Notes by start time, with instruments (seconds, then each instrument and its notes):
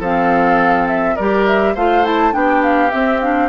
0.00 bassoon F3, clarinet C4, oboe A4, flute F5
0.88 flute E5
1.16 bassoon G3, clarinet G4, oboe A#4, flute D5
1.46 flute E5
1.75 bassoon A3, clarinet F4, oboe C5, flute F5
2.04 clarinet E4, flute A5
2.32 bassoon B3, clarinet D4, oboe G4, flute G5
2.63 flute F5
2.91 clarinet C4, bassoon C4, flute E5
3.20 clarinet D4, flute F5